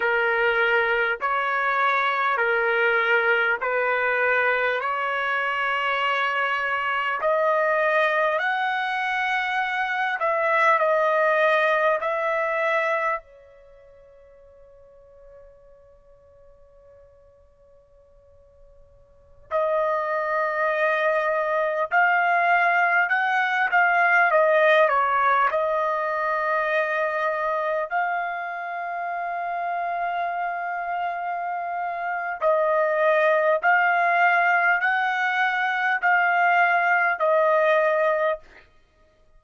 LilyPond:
\new Staff \with { instrumentName = "trumpet" } { \time 4/4 \tempo 4 = 50 ais'4 cis''4 ais'4 b'4 | cis''2 dis''4 fis''4~ | fis''8 e''8 dis''4 e''4 cis''4~ | cis''1~ |
cis''16 dis''2 f''4 fis''8 f''16~ | f''16 dis''8 cis''8 dis''2 f''8.~ | f''2. dis''4 | f''4 fis''4 f''4 dis''4 | }